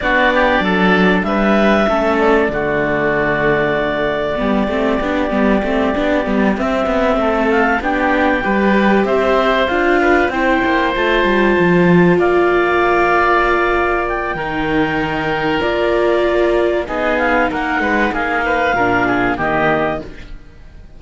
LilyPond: <<
  \new Staff \with { instrumentName = "clarinet" } { \time 4/4 \tempo 4 = 96 d''2 e''4. d''8~ | d''1~ | d''2~ d''8 e''4. | f''8 g''2 e''4 f''8~ |
f''8 g''4 a''2 f''8~ | f''2~ f''8 g''4.~ | g''4 d''2 dis''8 f''8 | fis''4 f''2 dis''4 | }
  \new Staff \with { instrumentName = "oboe" } { \time 4/4 fis'8 g'8 a'4 b'4 a'4 | fis'2. g'4~ | g'2.~ g'8 a'8~ | a'8 g'4 b'4 c''4. |
b'8 c''2. d''8~ | d''2. ais'4~ | ais'2. gis'4 | ais'8 b'8 gis'8 b'8 ais'8 gis'8 g'4 | }
  \new Staff \with { instrumentName = "viola" } { \time 4/4 d'2. cis'4 | a2. b8 c'8 | d'8 b8 c'8 d'8 b8 c'4.~ | c'8 d'4 g'2 f'8~ |
f'8 e'4 f'2~ f'8~ | f'2. dis'4~ | dis'4 f'2 dis'4~ | dis'2 d'4 ais4 | }
  \new Staff \with { instrumentName = "cello" } { \time 4/4 b4 fis4 g4 a4 | d2. g8 a8 | b8 g8 a8 b8 g8 c'8 b8 a8~ | a8 b4 g4 c'4 d'8~ |
d'8 c'8 ais8 a8 g8 f4 ais8~ | ais2. dis4~ | dis4 ais2 b4 | ais8 gis8 ais4 ais,4 dis4 | }
>>